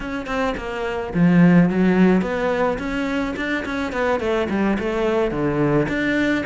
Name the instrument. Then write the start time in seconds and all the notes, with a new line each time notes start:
cello
0.00 C#4
0.26 C4
0.57 A#3
1.13 F3
1.69 F#3
2.21 B3
2.78 C#4
3.36 D4
3.65 C#4
3.92 B3
4.20 A3
4.49 G3
4.79 A3
5.31 D3
5.88 D4